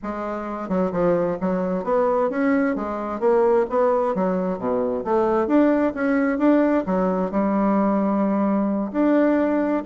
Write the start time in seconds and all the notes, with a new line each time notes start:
0.02 G#3
0.68 F#3
0.91 F3
1.41 F#3
1.84 B3
2.30 C#4
2.75 G#3
3.20 A#3
3.69 B3
4.14 F#3
4.58 B2
5.04 A3
5.47 D4
5.94 C#4
6.38 D4
6.86 F#3
7.31 G3
8.92 D4